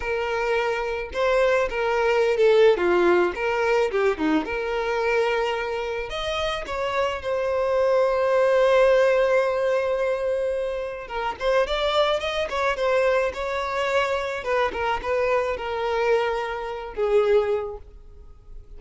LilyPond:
\new Staff \with { instrumentName = "violin" } { \time 4/4 \tempo 4 = 108 ais'2 c''4 ais'4~ | ais'16 a'8. f'4 ais'4 g'8 dis'8 | ais'2. dis''4 | cis''4 c''2.~ |
c''1 | ais'8 c''8 d''4 dis''8 cis''8 c''4 | cis''2 b'8 ais'8 b'4 | ais'2~ ais'8 gis'4. | }